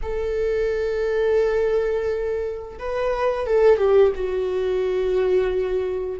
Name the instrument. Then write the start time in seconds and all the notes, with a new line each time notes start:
viola
0.02 A4
2.78 B4
3.47 A4
3.77 G4
4.15 F#4